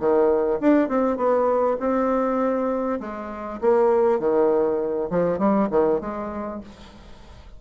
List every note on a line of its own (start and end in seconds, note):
0.00 0.60 D#3
0.61 0.89 D4
0.89 1.17 C4
1.17 1.77 B3
1.80 3.00 C4
3.00 3.60 G#3
3.61 4.20 A#3
4.20 5.10 D#3
5.10 5.39 F3
5.39 5.69 G3
5.71 6.01 D#3
6.01 6.61 G#3